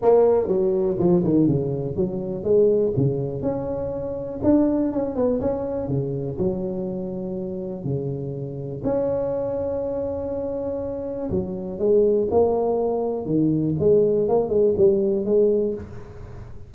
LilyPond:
\new Staff \with { instrumentName = "tuba" } { \time 4/4 \tempo 4 = 122 ais4 fis4 f8 dis8 cis4 | fis4 gis4 cis4 cis'4~ | cis'4 d'4 cis'8 b8 cis'4 | cis4 fis2. |
cis2 cis'2~ | cis'2. fis4 | gis4 ais2 dis4 | gis4 ais8 gis8 g4 gis4 | }